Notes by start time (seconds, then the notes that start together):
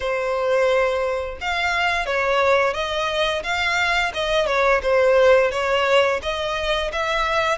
0.00 C5
1.40 F5
2.06 C#5
2.73 D#5
3.43 F5
4.13 D#5
4.46 C#5
4.82 C5
5.51 C#5
6.22 D#5
6.92 E5